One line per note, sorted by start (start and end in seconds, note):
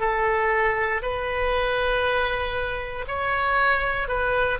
0.00 1.02 A4
1.02 3.06 B4
3.08 4.08 C#5
4.08 4.59 B4